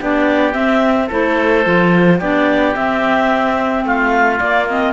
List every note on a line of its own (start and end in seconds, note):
0.00 0.55 B3
0.00 0.53 D4
0.00 1.07 G4
0.00 0.53 D5
0.53 1.08 C4
0.53 1.10 C4
0.53 1.08 E5
1.07 1.67 A3
1.07 1.65 E4
1.07 2.17 A4
1.07 2.21 C5
1.65 2.21 F3
1.65 2.20 F4
2.19 2.76 B3
2.19 2.76 D4
2.19 3.85 G4
2.19 2.75 D5
2.75 4.40 C4
2.75 3.85 C4
2.75 3.85 E5
3.85 4.40 A3
3.85 4.93 F4
3.85 4.40 F5
4.40 4.68 A#3
4.40 4.93 A#3
4.40 4.67 D5
4.70 4.93 C4
4.70 4.93 D#5